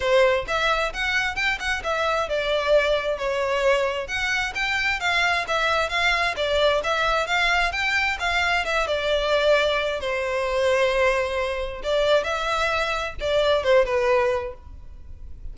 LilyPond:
\new Staff \with { instrumentName = "violin" } { \time 4/4 \tempo 4 = 132 c''4 e''4 fis''4 g''8 fis''8 | e''4 d''2 cis''4~ | cis''4 fis''4 g''4 f''4 | e''4 f''4 d''4 e''4 |
f''4 g''4 f''4 e''8 d''8~ | d''2 c''2~ | c''2 d''4 e''4~ | e''4 d''4 c''8 b'4. | }